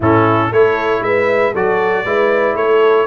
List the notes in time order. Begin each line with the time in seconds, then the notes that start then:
0.00 A2 C#4 E4 A4
0.49 A3 E4 A4 C#5
1.00 G#3 B4 E5
1.52 F#3 F#4 A4 D5
2.04 G#3 E4 B4
2.54 A3 A4 C#5